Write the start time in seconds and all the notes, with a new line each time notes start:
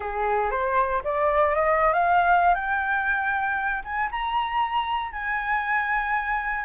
0.00 G#4
0.50 C5
1.03 D5
1.55 D#5
1.93 F5
2.54 G5
3.84 G#5
4.11 A#5
5.11 G#5